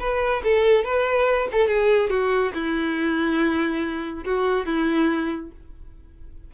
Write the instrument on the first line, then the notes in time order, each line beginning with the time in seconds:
violin
0.00 B4
0.44 A4
0.85 B4
1.52 A4
1.68 G#4
2.10 F#4
2.54 E4
4.25 F#4
4.66 E4